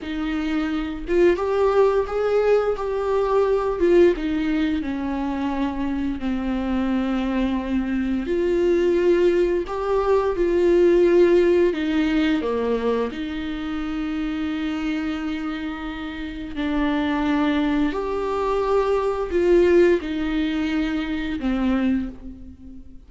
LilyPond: \new Staff \with { instrumentName = "viola" } { \time 4/4 \tempo 4 = 87 dis'4. f'8 g'4 gis'4 | g'4. f'8 dis'4 cis'4~ | cis'4 c'2. | f'2 g'4 f'4~ |
f'4 dis'4 ais4 dis'4~ | dis'1 | d'2 g'2 | f'4 dis'2 c'4 | }